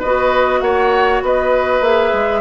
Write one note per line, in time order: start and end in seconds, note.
0.00 0.62 B3
0.00 1.84 F#4
0.00 0.60 B4
0.00 0.61 D#5
0.61 1.22 A#3
0.61 1.24 C#5
0.61 1.21 F#5
1.22 1.81 B3
1.22 2.42 B4
1.22 1.84 D#5
1.81 2.11 A#3
1.81 2.42 G#4
1.81 2.42 E5
2.13 2.42 G#3